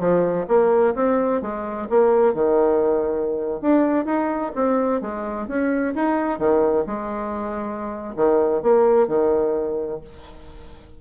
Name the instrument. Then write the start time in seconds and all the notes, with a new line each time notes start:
bassoon
0.00 F3
0.49 A#3
0.96 C4
1.42 G#3
1.90 A#3
2.34 D#3
3.62 D4
4.06 D#4
4.56 C4
5.02 G#3
5.48 C#4
5.95 D#4
6.39 D#3
6.87 G#3
8.16 D#3
8.63 A#3
9.08 D#3